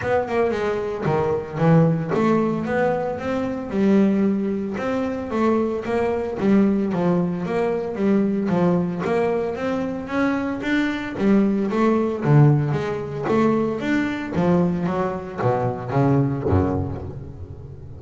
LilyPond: \new Staff \with { instrumentName = "double bass" } { \time 4/4 \tempo 4 = 113 b8 ais8 gis4 dis4 e4 | a4 b4 c'4 g4~ | g4 c'4 a4 ais4 | g4 f4 ais4 g4 |
f4 ais4 c'4 cis'4 | d'4 g4 a4 d4 | gis4 a4 d'4 f4 | fis4 b,4 cis4 fis,4 | }